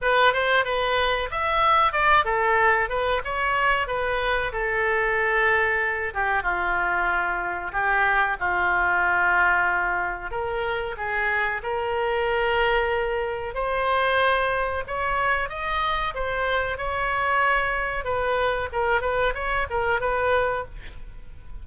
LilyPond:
\new Staff \with { instrumentName = "oboe" } { \time 4/4 \tempo 4 = 93 b'8 c''8 b'4 e''4 d''8 a'8~ | a'8 b'8 cis''4 b'4 a'4~ | a'4. g'8 f'2 | g'4 f'2. |
ais'4 gis'4 ais'2~ | ais'4 c''2 cis''4 | dis''4 c''4 cis''2 | b'4 ais'8 b'8 cis''8 ais'8 b'4 | }